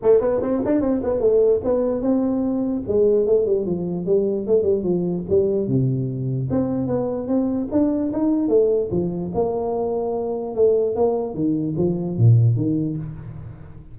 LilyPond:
\new Staff \with { instrumentName = "tuba" } { \time 4/4 \tempo 4 = 148 a8 b8 c'8 d'8 c'8 b8 a4 | b4 c'2 gis4 | a8 g8 f4 g4 a8 g8 | f4 g4 c2 |
c'4 b4 c'4 d'4 | dis'4 a4 f4 ais4~ | ais2 a4 ais4 | dis4 f4 ais,4 dis4 | }